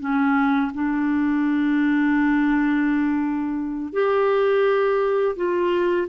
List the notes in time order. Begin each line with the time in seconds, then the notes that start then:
0.00 C#4
0.74 D4
3.93 G4
5.36 F4